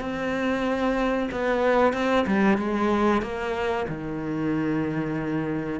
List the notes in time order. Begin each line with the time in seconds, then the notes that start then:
0.00 C4
1.31 B3
1.93 C4
2.26 G3
2.57 G#3
3.21 A#3
3.88 D#3